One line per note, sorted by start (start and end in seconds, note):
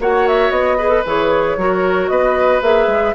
0.00 0.50 A#3
0.00 0.79 F#4
0.00 0.78 C#5
0.00 0.28 F#5
0.28 0.52 E5
0.50 1.03 B3
0.50 1.04 D#5
0.78 0.89 G#4
0.78 1.57 B4
0.89 1.02 A4
1.06 1.57 E3
1.06 1.59 G#4
1.06 2.09 C#5
1.57 2.10 F#3
1.57 2.62 F#4
1.57 2.11 A#4
2.09 2.62 B3
2.09 3.16 B4
2.09 2.61 D#5
2.62 2.87 A#3
2.62 3.15 G#4
2.62 3.16 E5
2.87 3.14 G#3